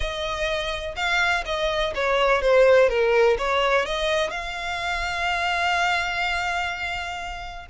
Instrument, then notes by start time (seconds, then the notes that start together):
violin
0.00 D#5
0.96 F5
1.45 D#5
1.94 C#5
2.41 C5
2.89 A#4
3.38 C#5
3.85 D#5
4.30 F5